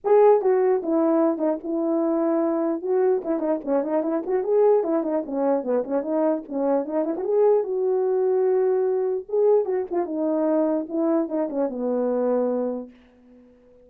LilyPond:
\new Staff \with { instrumentName = "horn" } { \time 4/4 \tempo 4 = 149 gis'4 fis'4 e'4. dis'8 | e'2. fis'4 | e'8 dis'8 cis'8 dis'8 e'8 fis'8 gis'4 | e'8 dis'8 cis'4 b8 cis'8 dis'4 |
cis'4 dis'8 e'16 fis'16 gis'4 fis'4~ | fis'2. gis'4 | fis'8 f'8 dis'2 e'4 | dis'8 cis'8 b2. | }